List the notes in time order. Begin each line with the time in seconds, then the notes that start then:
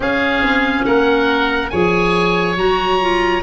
0.00 C#4 G#4 F5
0.42 C4
0.85 A#3 A#4 F#5
1.69 F3 G#4 C#5 G#5
2.56 F#3 F#4 A#5
3.00 F4